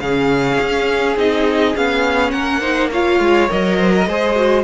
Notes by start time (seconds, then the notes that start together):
0.00 C#3 C#4 G#4 F5
0.60 C#4
1.16 C4 D#4 D#5
1.75 B3 C#4 F5
2.31 A#3 A#4 F#5
2.61 D#4 C5
2.91 F4 C#5 F5
3.20 G#3
3.49 F#3 A#4 D#5
3.78 C5
3.95 A#4
4.07 G#3 G#4 C5
4.35 F#4